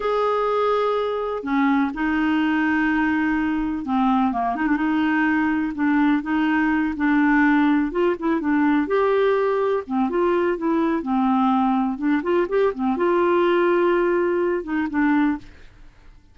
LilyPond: \new Staff \with { instrumentName = "clarinet" } { \time 4/4 \tempo 4 = 125 gis'2. cis'4 | dis'1 | c'4 ais8 dis'16 d'16 dis'2 | d'4 dis'4. d'4.~ |
d'8 f'8 e'8 d'4 g'4.~ | g'8 c'8 f'4 e'4 c'4~ | c'4 d'8 f'8 g'8 c'8 f'4~ | f'2~ f'8 dis'8 d'4 | }